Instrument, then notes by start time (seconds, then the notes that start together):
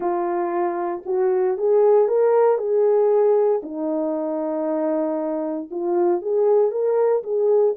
horn
0.00 F4
1.05 F#4
1.57 G#4
2.07 A#4
2.57 G#4
3.63 D#4
5.71 F4
6.21 G#4
6.71 A#4
7.23 G#4